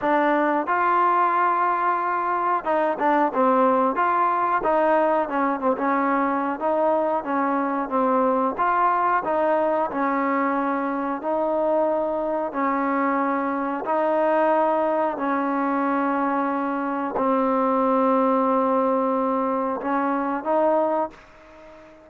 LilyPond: \new Staff \with { instrumentName = "trombone" } { \time 4/4 \tempo 4 = 91 d'4 f'2. | dis'8 d'8 c'4 f'4 dis'4 | cis'8 c'16 cis'4~ cis'16 dis'4 cis'4 | c'4 f'4 dis'4 cis'4~ |
cis'4 dis'2 cis'4~ | cis'4 dis'2 cis'4~ | cis'2 c'2~ | c'2 cis'4 dis'4 | }